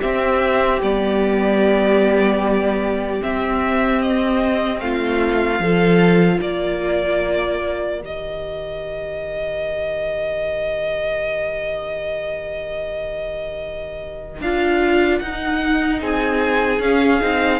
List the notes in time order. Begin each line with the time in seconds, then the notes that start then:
0.00 C4 G4 E5
0.82 G3 B3 D5
3.22 C4 E5
4.02 D#5
4.80 A3 F4 F5
5.60 F3 F4 A4
6.38 A#3 A#4 D5
8.00 D#3 G4 D#5
14.41 D4 F4 F5
15.19 D#4 F#5
16.01 C4 G#4 G#5
16.79 C#4 F5
17.22 C4 D#4